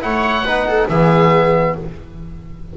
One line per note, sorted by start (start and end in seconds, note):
0.00 0.42 A3
0.00 0.43 E4
0.00 0.45 C#5
0.00 0.88 F#5
0.42 0.85 B3
0.42 0.90 D#4
0.42 0.66 B4
0.68 0.89 A4
0.89 1.75 E3
0.89 1.77 B3
0.89 1.75 G#4
0.89 1.75 E5